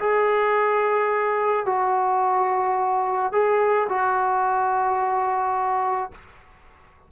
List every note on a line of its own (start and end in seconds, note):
0.00 1.66 G#4
1.66 3.33 F#4
3.33 3.88 G#4
3.89 6.12 F#4